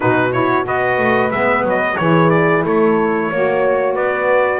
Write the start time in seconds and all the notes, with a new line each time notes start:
0.00 B2 D#4 F#4 B4
0.32 E4 C#5
0.63 B3 F#4 B4 D#5
0.98 A3
1.31 G#3 B3 E5
1.63 F#3 D#5
1.97 E3 E4 G#4 C#5
2.30 D5
2.64 A3 A4 C#5
3.29 A#3 F#4 C#5
3.94 B3 B4 D5